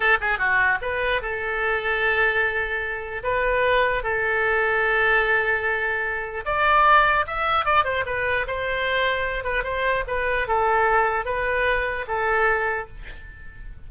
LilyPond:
\new Staff \with { instrumentName = "oboe" } { \time 4/4 \tempo 4 = 149 a'8 gis'8 fis'4 b'4 a'4~ | a'1 | b'2 a'2~ | a'1 |
d''2 e''4 d''8 c''8 | b'4 c''2~ c''8 b'8 | c''4 b'4 a'2 | b'2 a'2 | }